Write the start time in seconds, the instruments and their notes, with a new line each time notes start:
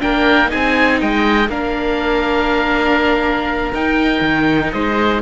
0.00 cello A#3, viola D4, oboe A#4 G5
0.46 viola D#4, oboe G#4 G#5
0.53 cello C4
1.01 cello G#3, oboe D#5 G5
1.48 cello A#3, viola D4, oboe A#4 F5
3.74 cello D#4, viola D#4, oboe G5
4.21 cello D#3
4.72 cello G#3, oboe C5 D#5